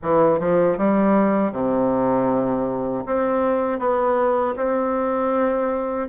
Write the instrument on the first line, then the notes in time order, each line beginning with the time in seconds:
bassoon
0.02 E3
0.39 F3
0.77 G3
1.52 C3
3.06 C4
3.79 B3
4.56 C4